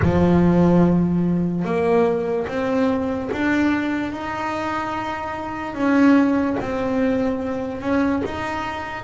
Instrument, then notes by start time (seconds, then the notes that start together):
double bass
0.02 F3
1.64 A#3
2.47 C4
3.32 D4
4.12 D#4
5.74 C#4
6.59 C4
7.81 C#4
8.25 D#4